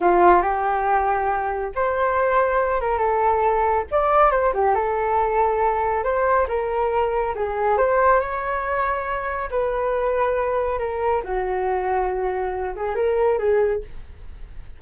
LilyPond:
\new Staff \with { instrumentName = "flute" } { \time 4/4 \tempo 4 = 139 f'4 g'2. | c''2~ c''8 ais'8 a'4~ | a'4 d''4 c''8 g'8 a'4~ | a'2 c''4 ais'4~ |
ais'4 gis'4 c''4 cis''4~ | cis''2 b'2~ | b'4 ais'4 fis'2~ | fis'4. gis'8 ais'4 gis'4 | }